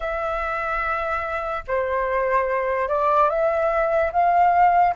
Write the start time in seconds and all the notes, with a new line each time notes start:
0.00 E5
1.67 C5
2.88 D5
3.29 E5
4.12 F5